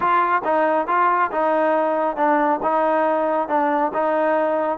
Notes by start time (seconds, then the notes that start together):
0.00 F4
0.44 D#4
0.87 F4
1.31 D#4
2.16 D4
2.63 D#4
3.48 D4
3.93 D#4